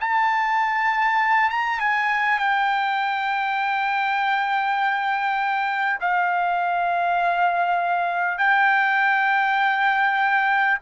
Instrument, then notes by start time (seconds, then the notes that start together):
trumpet
0.00 A5
1.49 A#5
1.79 G#5
2.38 G5
6.00 F5
8.38 G5